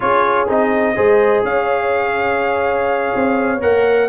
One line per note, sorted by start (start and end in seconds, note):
0.00 0.48 C#4
0.00 0.47 F4
0.00 0.95 G#4
0.00 0.48 C#5
0.48 0.97 C4
0.48 0.95 D#4
0.48 1.45 D#5
0.95 1.43 G#3
0.95 3.61 G#4
0.95 1.43 C5
1.43 3.12 C#4
1.43 4.09 C#5
1.43 3.62 F5
3.14 3.63 C4
3.61 4.09 A#3
3.61 4.09 A#4
3.61 4.09 F#5